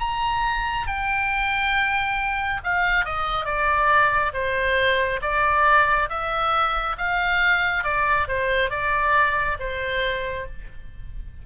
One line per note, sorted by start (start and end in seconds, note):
0.00 0.87 A#5
0.87 2.61 G5
2.64 3.05 F5
3.05 3.45 D#5
3.45 4.32 D5
4.33 5.20 C5
5.22 6.09 D5
6.09 6.96 E5
6.98 7.84 F5
7.84 8.27 D5
8.28 8.70 C5
8.70 9.57 D5
9.59 10.46 C5